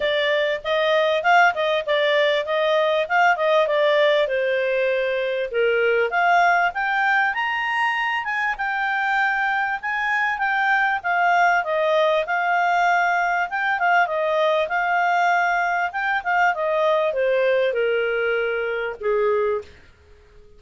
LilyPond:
\new Staff \with { instrumentName = "clarinet" } { \time 4/4 \tempo 4 = 98 d''4 dis''4 f''8 dis''8 d''4 | dis''4 f''8 dis''8 d''4 c''4~ | c''4 ais'4 f''4 g''4 | ais''4. gis''8 g''2 |
gis''4 g''4 f''4 dis''4 | f''2 g''8 f''8 dis''4 | f''2 g''8 f''8 dis''4 | c''4 ais'2 gis'4 | }